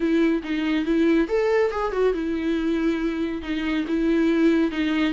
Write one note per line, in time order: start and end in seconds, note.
0.00 0.42 E4
0.43 0.85 D#4
0.85 1.28 E4
1.28 1.71 A4
1.71 1.92 G#4
1.92 2.13 F#4
2.13 3.42 E4
3.42 3.85 D#4
3.87 4.71 E4
4.71 5.13 D#4